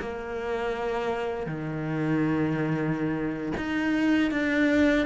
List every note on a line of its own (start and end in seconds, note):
0.00 1.46 A#3
1.46 3.52 D#3
3.57 4.31 D#4
4.31 5.06 D4